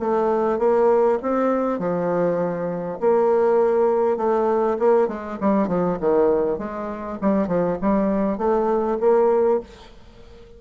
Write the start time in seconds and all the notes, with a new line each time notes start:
0.00 A3
0.59 A#3
1.22 C4
1.79 F3
3.00 A#3
4.17 A3
4.79 A#3
5.08 G#3
5.41 G3
5.68 F3
6.00 D#3
6.58 G#3
7.22 G3
7.48 F3
7.82 G3
8.38 A3
9.00 A#3